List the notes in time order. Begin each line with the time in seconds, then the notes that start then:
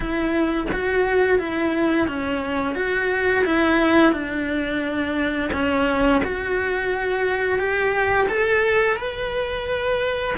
0.00 E4
0.72 F#4
1.38 E4
2.07 C#4
2.75 F#4
3.45 E4
4.12 D4
5.52 C#4
6.24 F#4
7.58 G4
8.29 A4
8.96 B4